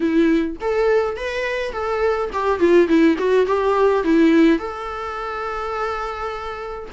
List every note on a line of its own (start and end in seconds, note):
0.00 0.56 E4
0.61 1.16 A4
1.16 1.72 B4
1.72 2.30 A4
2.32 2.59 G4
2.59 2.87 F4
2.87 3.16 E4
3.18 3.46 F#4
3.46 4.04 G4
4.04 4.58 E4
4.58 6.89 A4